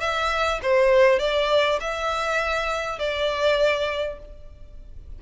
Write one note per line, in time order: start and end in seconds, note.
0.00 0.60 E5
0.62 1.19 C5
1.19 1.79 D5
1.81 2.99 E5
2.99 4.19 D5